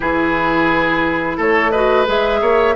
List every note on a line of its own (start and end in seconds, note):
0.00 1.38 E3
0.00 1.72 E4
0.00 1.37 G#4
0.00 1.38 B4
1.37 2.07 A3
1.37 1.71 A4
1.37 1.71 C#5
1.71 2.05 F#4
1.71 2.40 B4
1.71 2.05 D#5
2.05 2.41 G#3
2.05 2.74 G#4
2.05 2.75 E5
2.41 2.75 A#3
2.41 2.75 C#5